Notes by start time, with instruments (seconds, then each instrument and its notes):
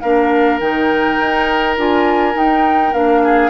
0.00 bassoon A#3, clarinet D4, oboe A#4, flute F5
0.60 bassoon D#3, clarinet D#4, flute G5
1.20 bassoon D#4
1.77 bassoon D4, clarinet F4, flute G#5
2.33 clarinet D#4, bassoon D#4, flute G5
2.93 bassoon A#3, clarinet D4, flute F5
3.24 oboe G#4